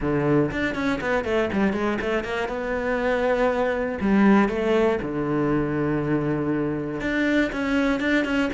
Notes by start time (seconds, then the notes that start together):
0.00 D3
0.51 D4
0.74 C#4
1.00 B3
1.24 A3
1.52 G3
1.72 G#3
2.01 A3
2.24 A#3
2.48 B3
4.00 G3
4.49 A3
5.02 D3
7.00 D4
7.52 C#4
8.00 D4
8.25 C#4